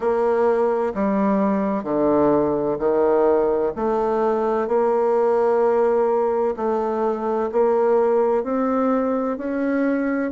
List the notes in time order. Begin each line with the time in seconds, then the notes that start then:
0.00 A#3
0.94 G3
1.83 D3
2.78 D#3
3.75 A3
4.67 A#3
6.56 A3
7.52 A#3
8.43 C4
9.37 C#4